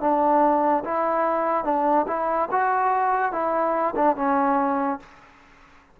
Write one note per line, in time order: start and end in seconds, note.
0.00 0.83 D4
0.84 1.64 E4
1.64 2.06 D4
2.07 2.48 E4
2.51 3.32 F#4
3.32 3.94 E4
3.95 4.16 D4
4.16 4.99 C#4